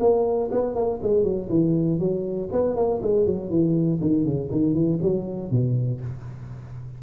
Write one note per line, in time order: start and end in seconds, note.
0.00 0.50 A#3
0.52 0.75 B3
0.75 1.00 A#3
1.02 1.23 G#3
1.23 1.48 F#3
1.49 1.99 E3
1.99 2.49 F#3
2.52 2.76 B3
2.76 3.01 A#3
3.02 3.26 G#3
3.26 3.50 F#3
3.50 4.00 E3
4.01 4.25 D#3
4.25 4.50 C#3
4.51 4.74 D#3
4.74 4.99 E3
5.02 5.50 F#3
5.50 6.00 B2